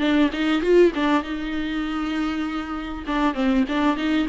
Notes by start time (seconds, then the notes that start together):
0.00 D4
0.33 D#4
0.63 F4
0.95 D4
1.23 D#4
3.07 D4
3.34 C4
3.69 D4
3.97 D#4